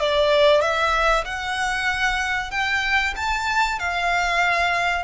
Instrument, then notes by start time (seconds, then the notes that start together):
violin
0.00 D5
0.61 E5
1.25 F#5
2.51 G5
3.16 A5
3.79 F5